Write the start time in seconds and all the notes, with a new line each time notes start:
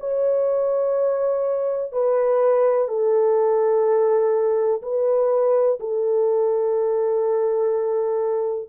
0.00 C#5
1.92 B4
2.88 A4
4.82 B4
5.80 A4